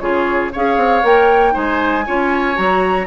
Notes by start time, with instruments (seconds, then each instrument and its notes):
0.00 bassoon C#3, clarinet F4, oboe G#4, flute C#5
0.53 bassoon C#4, clarinet G#4, oboe C#5, flute F5
0.77 bassoon C4
1.04 bassoon A#3, clarinet A#4, flute G5
1.52 bassoon G#3, clarinet D#4, oboe C5, flute G#5
2.07 bassoon C#4, clarinet F4, oboe C#5
2.56 bassoon F#3, clarinet F#4, flute A#5